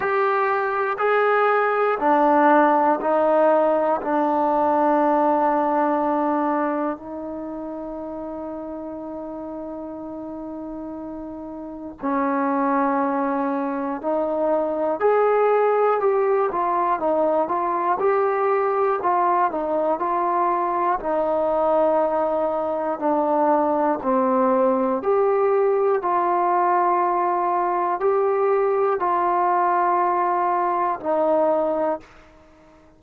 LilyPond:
\new Staff \with { instrumentName = "trombone" } { \time 4/4 \tempo 4 = 60 g'4 gis'4 d'4 dis'4 | d'2. dis'4~ | dis'1 | cis'2 dis'4 gis'4 |
g'8 f'8 dis'8 f'8 g'4 f'8 dis'8 | f'4 dis'2 d'4 | c'4 g'4 f'2 | g'4 f'2 dis'4 | }